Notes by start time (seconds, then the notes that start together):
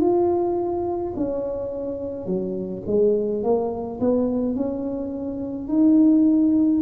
0.00 F4
1.16 C#4
2.26 F#3
2.87 G#3
3.43 A#3
4.00 B3
4.55 C#4
5.68 D#4